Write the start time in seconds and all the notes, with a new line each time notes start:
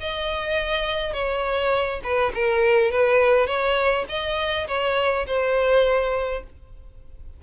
0.00 D#5
1.13 C#5
2.03 B4
2.34 A#4
2.91 B4
3.47 C#5
4.09 D#5
4.67 C#5
5.26 C5